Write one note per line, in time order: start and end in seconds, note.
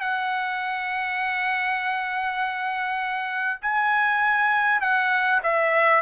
0.00 3.60 F#5
3.61 4.81 G#5
4.81 5.41 F#5
5.43 6.02 E5